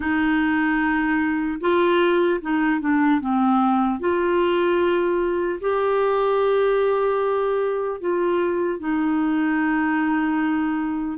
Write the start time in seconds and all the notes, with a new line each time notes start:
0.00 D#4
1.60 F4
2.41 D#4
2.80 D4
3.20 C4
3.99 F4
5.60 G4
8.00 F4
8.79 D#4